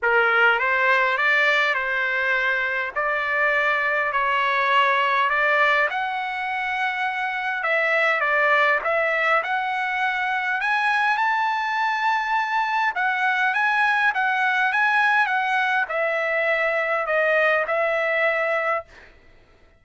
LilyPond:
\new Staff \with { instrumentName = "trumpet" } { \time 4/4 \tempo 4 = 102 ais'4 c''4 d''4 c''4~ | c''4 d''2 cis''4~ | cis''4 d''4 fis''2~ | fis''4 e''4 d''4 e''4 |
fis''2 gis''4 a''4~ | a''2 fis''4 gis''4 | fis''4 gis''4 fis''4 e''4~ | e''4 dis''4 e''2 | }